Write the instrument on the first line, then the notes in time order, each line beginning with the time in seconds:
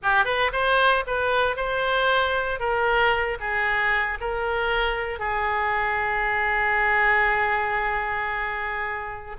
oboe
0.02 G4
0.25 B4
0.52 C5
1.06 B4
1.56 C5
2.59 A#4
3.40 G#4
4.20 A#4
5.19 G#4